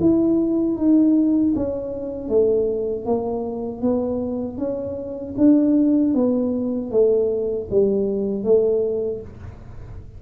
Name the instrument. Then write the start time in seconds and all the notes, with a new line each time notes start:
tuba
0.00 E4
0.77 D#4
1.55 C#4
2.29 A3
3.06 A#3
3.81 B3
4.58 C#4
5.37 D4
6.14 B3
6.91 A3
7.71 G3
8.44 A3